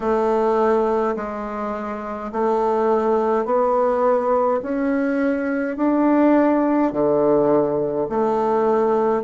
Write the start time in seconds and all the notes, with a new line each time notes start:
0.00 A3
1.15 G#3
2.32 A3
3.45 B3
4.62 C#4
5.76 D4
6.92 D3
8.09 A3